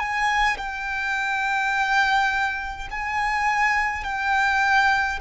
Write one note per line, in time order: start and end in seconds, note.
0.00 0.58 G#5
0.58 2.88 G5
2.91 4.04 G#5
4.04 5.20 G5